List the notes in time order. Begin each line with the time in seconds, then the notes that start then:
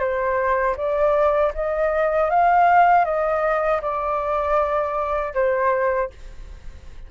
0.00 C5
0.77 D5
1.55 D#5
2.30 F5
3.05 D#5
3.82 D5
5.34 C5